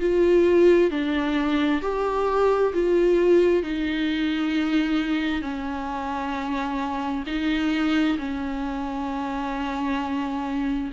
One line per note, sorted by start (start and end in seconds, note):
0.00 0.90 F4
0.90 1.81 D4
1.82 2.73 G4
2.74 3.63 F4
3.63 5.42 D#4
5.42 7.24 C#4
7.26 8.17 D#4
8.18 10.91 C#4